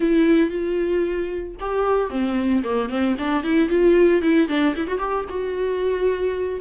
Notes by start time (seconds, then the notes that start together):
0.00 E4
0.50 F4
1.60 G4
2.10 C4
2.63 A#3
2.89 C4
3.18 D4
3.43 E4
3.69 F4
4.22 E4
4.48 D4
4.76 E4
4.87 F#4
4.98 G4
5.29 F#4